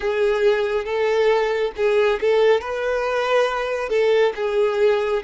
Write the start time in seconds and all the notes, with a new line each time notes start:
0.00 G#4
0.84 A4
1.76 G#4
2.20 A4
2.60 B4
3.89 A4
4.35 G#4